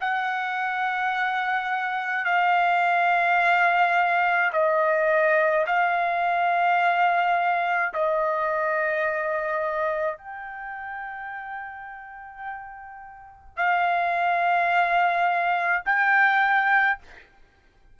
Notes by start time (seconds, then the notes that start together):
0.00 F#5
2.25 F5
4.52 D#5
5.66 F5
7.93 D#5
10.17 G5
13.56 F5
15.85 G5